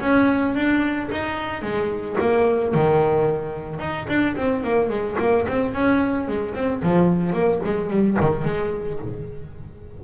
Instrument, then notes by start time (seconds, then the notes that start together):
double bass
0.00 C#4
0.55 D4
1.11 D#4
1.62 G#3
2.20 A#3
2.74 D#3
3.79 D#4
4.08 D4
4.36 C4
4.63 A#3
4.89 G#3
5.19 A#3
5.47 C4
5.73 C#4
6.27 G#3
6.54 C4
6.82 F3
7.33 A#3
7.64 G#3
7.90 G3
8.20 D#3
8.44 G#3